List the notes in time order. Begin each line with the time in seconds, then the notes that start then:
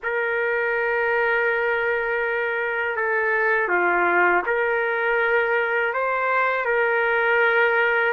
0.03 A#4
2.96 A4
3.68 F4
4.46 A#4
5.93 C5
6.65 A#4